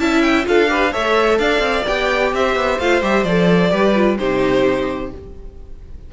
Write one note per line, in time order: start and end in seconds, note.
0.00 0.47 C#4
0.00 0.44 E4
0.00 0.47 E5
0.00 0.22 A5
0.22 0.45 G5
0.44 0.95 D4
0.44 0.67 F4
0.44 0.71 A4
0.44 0.94 F5
0.69 0.92 G4
0.69 0.92 B4
0.92 1.40 A3
0.92 1.85 A4
0.92 1.39 C#5
0.92 1.38 E5
1.38 1.59 D4
1.38 2.32 D5
1.38 1.85 F5
1.59 1.83 C4
1.87 2.33 B3
1.87 2.80 G4
1.87 2.34 G5
2.33 2.56 C4
2.33 3.72 C5
2.33 2.80 E5
2.56 2.79 B3
2.79 3.03 A3
2.79 3.03 F4
2.79 3.03 F5
3.03 3.24 G3
3.03 3.26 G4
3.03 3.24 E5
3.24 3.71 F3
3.24 3.71 A4
3.24 4.17 D5
3.71 4.19 G3
3.71 3.95 G4
3.71 4.18 B4
3.95 4.19 F4
4.18 5.12 C3
4.18 5.13 D#4
4.18 5.12 G4
4.18 5.11 C5